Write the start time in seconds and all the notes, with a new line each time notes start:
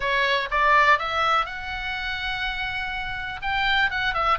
0.00 C#5
0.50 D5
0.99 E5
1.45 F#5
3.42 G5
3.90 F#5
4.14 E5